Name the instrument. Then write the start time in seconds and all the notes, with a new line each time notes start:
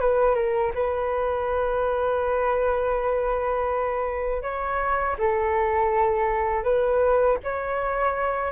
flute
0.00 B4
0.34 A#4
0.74 B4
4.42 C#5
5.18 A4
6.63 B4
7.43 C#5